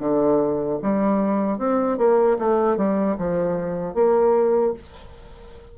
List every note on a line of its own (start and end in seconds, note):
0.00 0.79 D3
0.83 1.58 G3
1.58 1.98 C4
1.98 2.38 A#3
2.39 2.77 A3
2.77 3.17 G3
3.18 3.94 F3
3.94 4.73 A#3